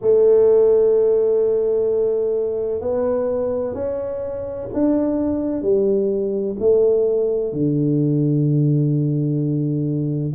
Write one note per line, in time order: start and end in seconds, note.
0.01 2.80 A3
2.80 3.74 B3
3.74 4.67 C#4
4.73 5.62 D4
5.62 6.55 G3
6.59 7.53 A3
7.53 10.34 D3